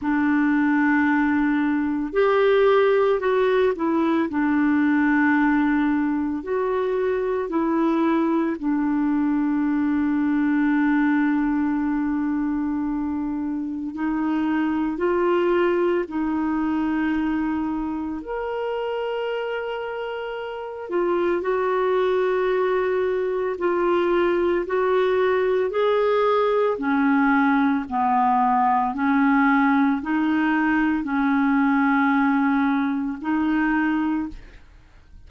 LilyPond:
\new Staff \with { instrumentName = "clarinet" } { \time 4/4 \tempo 4 = 56 d'2 g'4 fis'8 e'8 | d'2 fis'4 e'4 | d'1~ | d'4 dis'4 f'4 dis'4~ |
dis'4 ais'2~ ais'8 f'8 | fis'2 f'4 fis'4 | gis'4 cis'4 b4 cis'4 | dis'4 cis'2 dis'4 | }